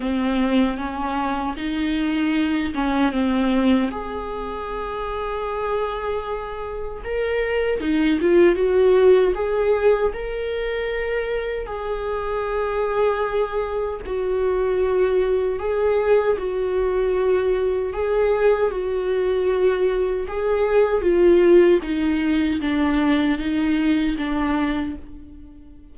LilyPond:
\new Staff \with { instrumentName = "viola" } { \time 4/4 \tempo 4 = 77 c'4 cis'4 dis'4. cis'8 | c'4 gis'2.~ | gis'4 ais'4 dis'8 f'8 fis'4 | gis'4 ais'2 gis'4~ |
gis'2 fis'2 | gis'4 fis'2 gis'4 | fis'2 gis'4 f'4 | dis'4 d'4 dis'4 d'4 | }